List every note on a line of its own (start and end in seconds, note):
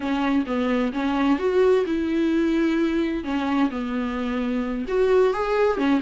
0.00 0.44 C#4
0.46 0.92 B3
0.92 1.38 C#4
1.38 1.85 F#4
1.86 3.23 E4
3.23 3.70 C#4
3.70 4.85 B3
4.88 5.33 F#4
5.33 5.77 G#4
5.77 6.00 C#4